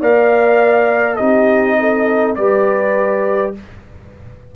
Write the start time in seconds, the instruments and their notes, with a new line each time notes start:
0.00 tuba A#3, trombone A#4, horn D5, trumpet F5
1.17 tuba C4, trombone D#4, horn G4, trumpet D#5
1.80 horn A4
2.36 tuba G3, trombone G4, horn B4, trumpet D5